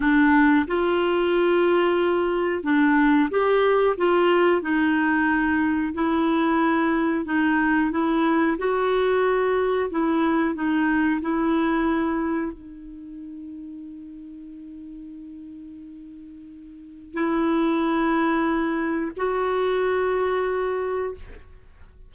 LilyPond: \new Staff \with { instrumentName = "clarinet" } { \time 4/4 \tempo 4 = 91 d'4 f'2. | d'4 g'4 f'4 dis'4~ | dis'4 e'2 dis'4 | e'4 fis'2 e'4 |
dis'4 e'2 dis'4~ | dis'1~ | dis'2 e'2~ | e'4 fis'2. | }